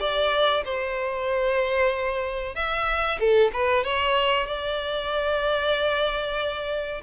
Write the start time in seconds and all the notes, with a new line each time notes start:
0.00 D5
0.65 C5
2.55 E5
3.19 A4
3.53 B4
3.84 C#5
4.47 D5